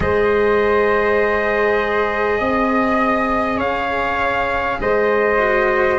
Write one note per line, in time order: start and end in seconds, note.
0.00 2.40 G#3
0.00 5.38 G#4
0.00 2.38 C5
0.00 3.59 D#5
2.38 3.58 C4
2.38 3.57 D#5
3.57 4.78 C#4
3.57 4.77 C#5
3.57 4.79 F5
4.79 5.99 G#3
4.79 5.99 C5
4.79 5.99 D#5
5.38 5.98 F#4